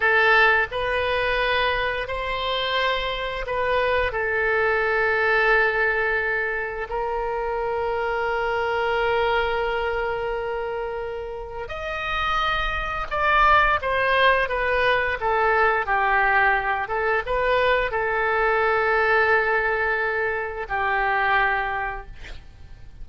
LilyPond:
\new Staff \with { instrumentName = "oboe" } { \time 4/4 \tempo 4 = 87 a'4 b'2 c''4~ | c''4 b'4 a'2~ | a'2 ais'2~ | ais'1~ |
ais'4 dis''2 d''4 | c''4 b'4 a'4 g'4~ | g'8 a'8 b'4 a'2~ | a'2 g'2 | }